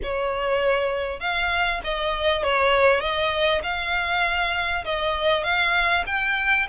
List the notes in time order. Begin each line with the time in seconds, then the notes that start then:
0.02 C#5
1.20 F5
1.84 D#5
2.43 C#5
3.00 D#5
3.63 F5
4.84 D#5
5.43 F5
6.06 G5